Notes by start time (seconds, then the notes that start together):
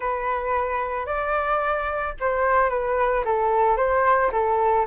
0.00 B4
1.05 D5
2.20 C5
2.69 B4
3.24 A4
3.76 C5
4.31 A4